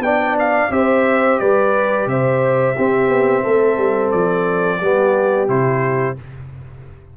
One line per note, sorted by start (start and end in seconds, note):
0.00 0.68 B3
0.00 0.71 D4
0.00 0.73 D5
0.00 0.37 G5
0.39 0.72 F5
0.70 1.38 C4
0.70 2.76 G4
0.70 1.42 C5
0.70 1.40 E5
1.40 2.07 G3
1.40 2.10 B4
1.40 2.08 D5
2.07 2.75 C3
2.07 2.76 C5
2.07 4.11 E5
2.76 4.83 C4
2.76 3.09 C4
2.76 3.44 G4
3.09 3.43 B3
3.44 3.78 A3
3.44 4.80 A4
3.78 4.12 G3
4.11 4.82 F3
4.11 5.48 D5
4.80 5.49 G3
4.80 5.48 B3
4.80 6.17 G4
5.48 6.17 C3
5.48 6.17 E4
5.48 6.18 C5